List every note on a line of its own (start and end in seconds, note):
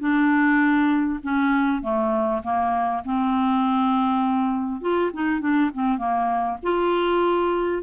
0.00 1.20 D4
1.23 1.82 C#4
1.82 2.42 A3
2.44 3.04 A#3
3.05 4.81 C4
4.81 5.11 F4
5.14 5.41 D#4
5.41 5.71 D4
5.74 5.98 C4
5.98 6.58 A#3
6.63 7.83 F4